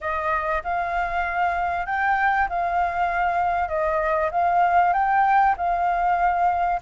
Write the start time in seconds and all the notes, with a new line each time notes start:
0.01 D#5
0.63 F5
1.86 G5
2.49 F5
3.68 D#5
4.31 F5
4.93 G5
5.57 F5